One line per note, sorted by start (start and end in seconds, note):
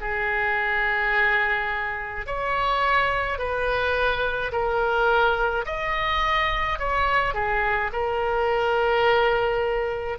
0.00 2.26 G#4
2.26 3.38 C#5
3.38 4.51 B4
4.52 5.65 A#4
5.66 6.79 D#5
6.79 7.34 C#5
7.34 7.90 G#4
7.92 10.18 A#4